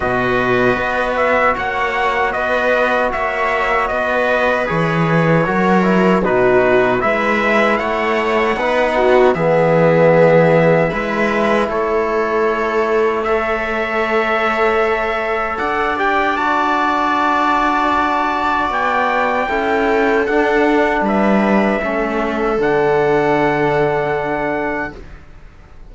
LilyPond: <<
  \new Staff \with { instrumentName = "trumpet" } { \time 4/4 \tempo 4 = 77 dis''4. e''8 fis''4 dis''4 | e''4 dis''4 cis''2 | b'4 e''4 fis''2 | e''2. cis''4~ |
cis''4 e''2. | fis''8 g''8 a''2. | g''2 fis''4 e''4~ | e''4 fis''2. | }
  \new Staff \with { instrumentName = "viola" } { \time 4/4 b'2 cis''4 b'4 | cis''4 b'2 ais'4 | fis'4 b'4 cis''4 b'8 fis'8 | gis'2 b'4 a'4~ |
a'4 cis''2. | d''1~ | d''4 a'2 b'4 | a'1 | }
  \new Staff \with { instrumentName = "trombone" } { \time 4/4 fis'1~ | fis'2 gis'4 fis'8 e'8 | dis'4 e'2 dis'4 | b2 e'2~ |
e'4 a'2.~ | a'8 g'8 fis'2.~ | fis'4 e'4 d'2 | cis'4 d'2. | }
  \new Staff \with { instrumentName = "cello" } { \time 4/4 b,4 b4 ais4 b4 | ais4 b4 e4 fis4 | b,4 gis4 a4 b4 | e2 gis4 a4~ |
a1 | d'1 | b4 cis'4 d'4 g4 | a4 d2. | }
>>